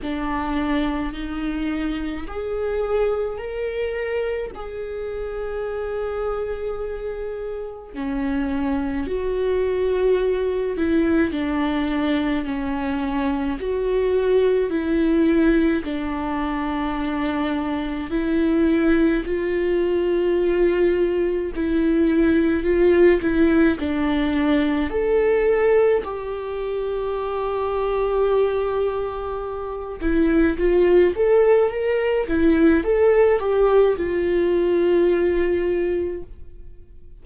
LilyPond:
\new Staff \with { instrumentName = "viola" } { \time 4/4 \tempo 4 = 53 d'4 dis'4 gis'4 ais'4 | gis'2. cis'4 | fis'4. e'8 d'4 cis'4 | fis'4 e'4 d'2 |
e'4 f'2 e'4 | f'8 e'8 d'4 a'4 g'4~ | g'2~ g'8 e'8 f'8 a'8 | ais'8 e'8 a'8 g'8 f'2 | }